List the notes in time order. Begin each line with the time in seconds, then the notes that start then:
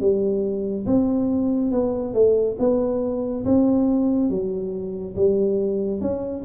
0.00 G3
0.86 C4
1.71 B3
2.13 A3
2.59 B3
3.44 C4
4.29 F#3
5.15 G3
6.01 C#4